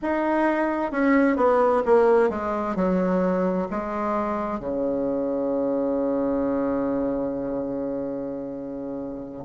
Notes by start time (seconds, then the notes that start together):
0.02 D#4
0.91 C#4
1.36 B3
1.85 A#3
2.29 G#3
2.75 F#3
3.70 G#3
4.59 C#3